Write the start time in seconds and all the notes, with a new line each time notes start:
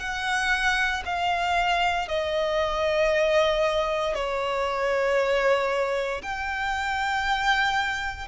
0.00 F#5
1.06 F5
2.08 D#5
4.15 C#5
6.23 G5